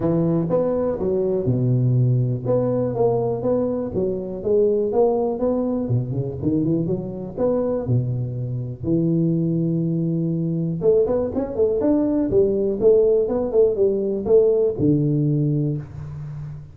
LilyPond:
\new Staff \with { instrumentName = "tuba" } { \time 4/4 \tempo 4 = 122 e4 b4 fis4 b,4~ | b,4 b4 ais4 b4 | fis4 gis4 ais4 b4 | b,8 cis8 dis8 e8 fis4 b4 |
b,2 e2~ | e2 a8 b8 cis'8 a8 | d'4 g4 a4 b8 a8 | g4 a4 d2 | }